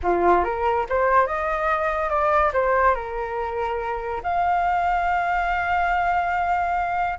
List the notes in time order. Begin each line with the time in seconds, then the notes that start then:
0.02 F4
0.43 A#4
0.89 C5
1.26 D#5
2.09 D5
2.53 C5
2.95 A#4
4.23 F5